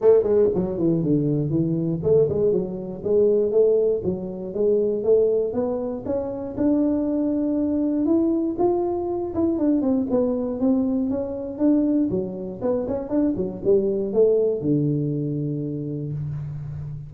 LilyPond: \new Staff \with { instrumentName = "tuba" } { \time 4/4 \tempo 4 = 119 a8 gis8 fis8 e8 d4 e4 | a8 gis8 fis4 gis4 a4 | fis4 gis4 a4 b4 | cis'4 d'2. |
e'4 f'4. e'8 d'8 c'8 | b4 c'4 cis'4 d'4 | fis4 b8 cis'8 d'8 fis8 g4 | a4 d2. | }